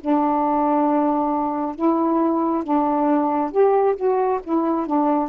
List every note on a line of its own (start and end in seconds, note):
0.00 1.75 D4
1.75 2.63 E4
2.63 3.51 D4
3.51 3.95 G4
3.96 4.40 F#4
4.43 4.86 E4
4.86 5.29 D4